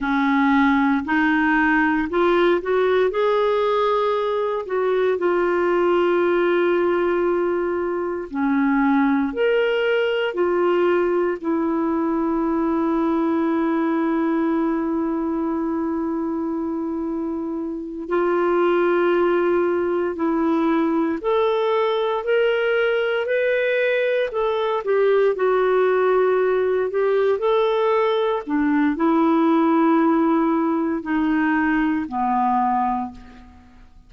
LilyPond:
\new Staff \with { instrumentName = "clarinet" } { \time 4/4 \tempo 4 = 58 cis'4 dis'4 f'8 fis'8 gis'4~ | gis'8 fis'8 f'2. | cis'4 ais'4 f'4 e'4~ | e'1~ |
e'4. f'2 e'8~ | e'8 a'4 ais'4 b'4 a'8 | g'8 fis'4. g'8 a'4 d'8 | e'2 dis'4 b4 | }